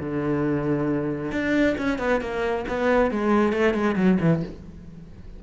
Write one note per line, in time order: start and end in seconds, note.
0.00 1.32 D3
1.32 1.76 D4
1.78 1.99 C#4
1.99 2.21 B3
2.21 2.65 A#3
2.68 3.11 B3
3.11 3.53 G#3
3.53 3.74 A3
3.74 3.96 G#3
3.96 4.18 F#3
4.21 4.43 E3